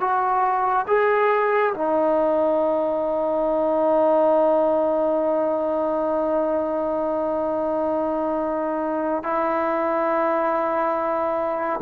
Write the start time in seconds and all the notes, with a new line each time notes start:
0.00 F#4
0.88 G#4
1.74 D#4
9.23 E4